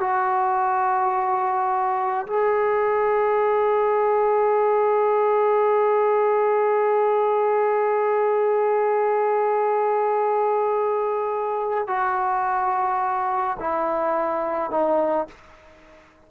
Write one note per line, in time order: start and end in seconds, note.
0.00 2.26 F#4
2.26 11.87 G#4
11.87 13.57 F#4
13.59 14.71 E4
14.71 15.27 D#4